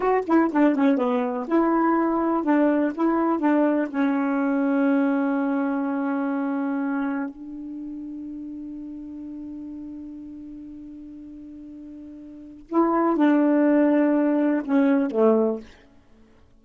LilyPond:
\new Staff \with { instrumentName = "saxophone" } { \time 4/4 \tempo 4 = 123 fis'8 e'8 d'8 cis'8 b4 e'4~ | e'4 d'4 e'4 d'4 | cis'1~ | cis'2. d'4~ |
d'1~ | d'1~ | d'2 e'4 d'4~ | d'2 cis'4 a4 | }